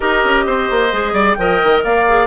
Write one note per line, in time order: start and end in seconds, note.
0.00 0.24 D#4
0.00 0.90 G4
0.00 0.44 A#4
0.00 1.34 D#5
0.24 0.46 C#4
0.46 0.69 C4
0.46 1.13 C5
0.70 0.92 A#3
0.91 1.12 G#3
0.91 1.37 G#4
1.12 1.35 G3
1.12 1.36 D5
1.34 1.60 F3
1.34 2.06 A#4
1.34 1.79 G5
1.40 1.84 D#5
1.63 1.84 D#3
1.83 2.26 A#3
1.83 2.26 D5
1.83 2.26 F5
2.07 2.26 G#4